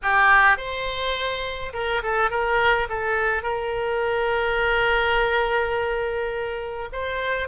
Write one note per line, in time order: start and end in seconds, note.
0.02 0.57 G4
0.57 1.72 C5
1.73 2.02 A#4
2.02 2.30 A4
2.30 2.88 A#4
2.89 3.42 A4
3.42 6.88 A#4
6.92 7.48 C5